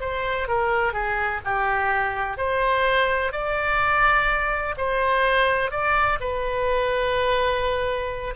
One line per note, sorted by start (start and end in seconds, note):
0.00 0.48 C5
0.48 0.93 A#4
0.93 1.41 G#4
1.44 2.37 G4
2.37 3.32 C5
3.32 4.75 D5
4.77 5.71 C5
5.71 6.19 D5
6.20 8.34 B4